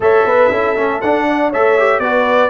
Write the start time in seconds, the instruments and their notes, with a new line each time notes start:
0.00 tuba A3, trombone A4, horn C#5, trumpet E5
0.25 tuba B3, horn B4
0.50 tuba C#4, trombone E4, horn A4
0.76 tuba A3, trombone C#4
1.01 tuba D4, trombone D4, trumpet F#5
1.28 horn D5
1.50 tuba A3, trombone A4, horn C#5, trumpet E5
1.78 trombone G4
1.99 tuba B3, trombone F#4, horn B4, trumpet D5